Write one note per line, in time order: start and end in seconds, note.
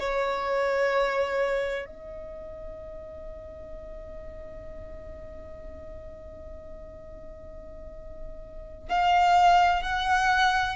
0.00 1.86 C#5
1.86 8.89 D#5
8.90 9.83 F5
9.83 10.76 F#5